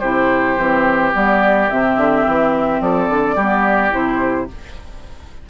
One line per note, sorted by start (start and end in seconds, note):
0.00 0.58 C3
0.00 0.59 E4
0.00 2.80 G4
0.00 1.12 C5
0.58 1.14 E3
0.58 1.13 C4
1.13 1.71 G3
1.13 1.69 B3
1.13 1.70 D5
1.70 1.97 C3
1.70 3.39 C4
1.70 2.82 E5
1.97 2.25 D3
2.27 2.81 E3
2.81 3.09 F3
2.81 3.36 A4
2.81 3.94 D5
3.10 3.36 D3
3.36 3.92 G3
3.36 3.91 B3
3.36 4.48 G4
3.91 4.50 C3
3.91 4.47 E4
3.91 4.50 C5